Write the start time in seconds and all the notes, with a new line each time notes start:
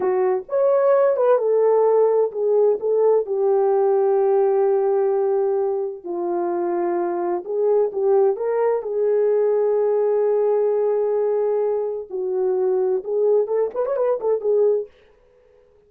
0.00 F#4
0.48 C#5
1.16 B4
1.38 A4
2.31 G#4
2.79 A4
3.26 G4
6.04 F4
7.44 G#4
7.92 G4
8.36 A#4
8.82 G#4
12.10 F#4
13.04 G#4
13.47 A4
13.74 B4
13.85 C#5
13.96 B4
14.20 A4
14.40 G#4